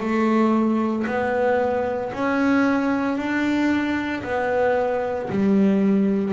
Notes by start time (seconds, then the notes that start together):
0.00 A3
1.07 B3
2.13 C#4
3.18 D4
4.24 B3
5.30 G3